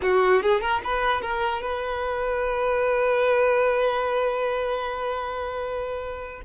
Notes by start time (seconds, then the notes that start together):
0.02 F#4
0.42 G#4
0.60 A#4
0.84 B4
1.21 A#4
1.61 B4